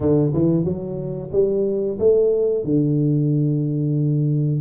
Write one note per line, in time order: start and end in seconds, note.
0.00 0.32 D3
0.33 0.64 E3
0.64 1.30 F#3
1.32 1.98 G3
1.99 2.63 A3
2.63 4.61 D3